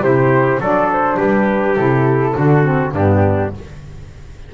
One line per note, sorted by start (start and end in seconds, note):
0.00 0.58 C3
0.00 0.60 E4
0.00 0.60 G4
0.00 0.61 C5
0.60 1.18 F#3
0.60 1.77 D4
0.60 1.17 A4
0.60 0.91 D5
0.93 1.19 C5
1.17 1.77 G3
1.17 2.33 G4
1.17 1.76 B4
1.76 2.35 C3
1.76 2.34 E4
1.76 2.92 A4
2.34 2.92 D3
2.34 2.63 D4
2.34 2.94 F#4
2.63 2.92 C4
2.92 3.50 G2
2.92 3.54 B3
2.92 3.53 D4
2.92 3.54 G4